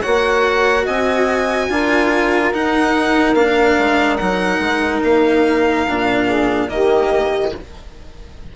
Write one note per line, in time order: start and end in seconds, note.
0.00 0.87 A#3
0.00 1.70 F#4
0.00 0.83 C#5
0.00 0.85 F#5
0.85 1.69 C4
0.85 1.68 D#5
0.85 2.53 G#5
1.69 2.52 D4
1.69 2.53 F4
1.69 6.26 A#4
2.53 3.35 D#4
2.53 3.34 D#4
2.53 3.35 F#5
3.34 3.75 A#3
3.34 4.19 D4
3.34 4.16 F5
3.78 4.20 G#3
4.16 4.59 F#3
4.16 5.87 D#4
4.16 5.00 F#5
4.59 5.00 G#3
5.03 5.87 A#3
5.03 6.69 F5
5.87 6.70 A#2
5.87 6.68 D4
6.26 6.68 G#4
6.68 7.53 D#3
6.68 7.51 A#3
6.68 7.55 G4
6.68 7.52 D#5